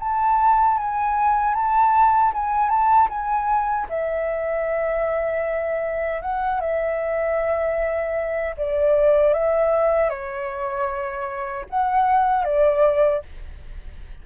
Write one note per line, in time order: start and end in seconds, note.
0.00 0.78 A5
0.78 1.55 G#5
1.55 2.33 A5
2.34 2.70 G#5
2.70 3.09 A5
3.10 3.87 G#5
3.90 6.22 E5
6.22 6.61 F#5
6.61 8.55 E5
8.58 9.34 D5
9.34 10.10 E5
10.10 11.66 C#5
11.70 12.45 F#5
12.45 13.23 D5